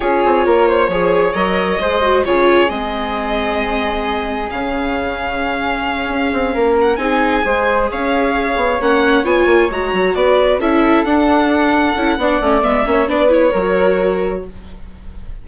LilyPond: <<
  \new Staff \with { instrumentName = "violin" } { \time 4/4 \tempo 4 = 133 cis''2. dis''4~ | dis''4 cis''4 dis''2~ | dis''2 f''2~ | f''2. fis''8 gis''8~ |
gis''4. f''2 fis''8~ | fis''8 gis''4 ais''4 d''4 e''8~ | e''8 fis''2.~ fis''8 | e''4 d''8 cis''2~ cis''8 | }
  \new Staff \with { instrumentName = "flute" } { \time 4/4 gis'4 ais'8 c''8 cis''2 | c''4 gis'2.~ | gis'1~ | gis'2~ gis'8 ais'4 gis'8~ |
gis'8 c''4 cis''2~ cis''8~ | cis''2~ cis''8 b'4 a'8~ | a'2. d''4~ | d''8 cis''8 b'4 ais'2 | }
  \new Staff \with { instrumentName = "viola" } { \time 4/4 f'2 gis'4 ais'4 | gis'8 fis'8 f'4 c'2~ | c'2 cis'2~ | cis'2.~ cis'8 dis'8~ |
dis'8 gis'2. cis'8~ | cis'8 f'4 fis'2 e'8~ | e'8 d'2 e'8 d'8 cis'8 | b8 cis'8 d'8 e'8 fis'2 | }
  \new Staff \with { instrumentName = "bassoon" } { \time 4/4 cis'8 c'8 ais4 f4 fis4 | gis4 cis4 gis2~ | gis2 cis2~ | cis4. cis'8 c'8 ais4 c'8~ |
c'8 gis4 cis'4. b8 ais8~ | ais8 b8 ais8 gis8 fis8 b4 cis'8~ | cis'8 d'2 cis'8 b8 a8 | gis8 ais8 b4 fis2 | }
>>